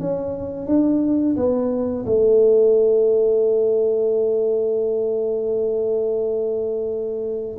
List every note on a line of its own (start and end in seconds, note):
0.00 0.67 C#4
0.67 1.36 D4
1.37 2.06 B3
2.06 7.58 A3